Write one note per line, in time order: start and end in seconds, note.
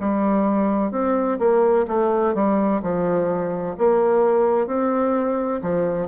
0.00 0.91 G3
0.91 1.38 C4
1.39 1.86 A#3
1.87 2.34 A3
2.34 2.81 G3
2.83 3.76 F3
3.78 4.67 A#3
4.67 5.61 C4
5.62 6.08 F3